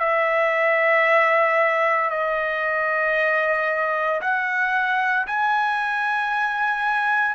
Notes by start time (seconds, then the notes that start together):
0.00 E5
2.11 D#5
4.22 F#5
5.27 G#5